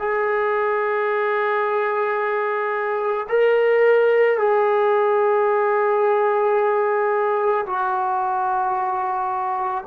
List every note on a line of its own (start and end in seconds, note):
0.00 3.27 G#4
3.30 4.39 A#4
4.39 7.66 G#4
7.67 9.85 F#4